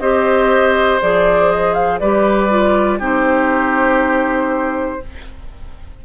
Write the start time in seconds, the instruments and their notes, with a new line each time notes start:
0.00 bassoon C4, clarinet G4, oboe C5, flute D#5
1.02 bassoon F3, clarinet G#4, flute D5
1.51 flute D#5
1.74 flute F5
2.00 bassoon G3, clarinet G4, oboe B4, flute D5
2.50 clarinet F4
2.99 bassoon C4, clarinet D#4, oboe G4
3.05 flute C5